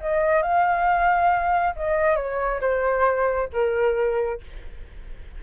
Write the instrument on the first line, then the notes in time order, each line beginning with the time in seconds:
flute
0.00 D#5
0.42 F5
1.75 D#5
2.16 C#5
2.60 C5
3.52 A#4